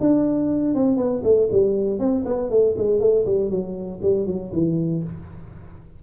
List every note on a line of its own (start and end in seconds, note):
0.00 0.74 D4
0.74 0.97 C4
0.97 1.22 B3
1.24 1.49 A3
1.52 1.99 G3
1.99 2.24 C4
2.26 2.50 B3
2.50 2.75 A3
2.78 3.00 G#3
3.00 3.25 A3
3.26 3.50 G3
3.50 4.01 F#3
4.02 4.27 G3
4.27 4.52 F#3
4.53 5.03 E3